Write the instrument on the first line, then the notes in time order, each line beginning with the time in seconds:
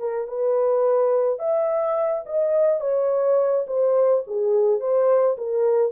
horn
0.00 A#4
0.28 B4
1.39 E5
2.26 D#5
2.81 C#5
3.67 C5
4.27 G#4
4.81 C5
5.38 A#4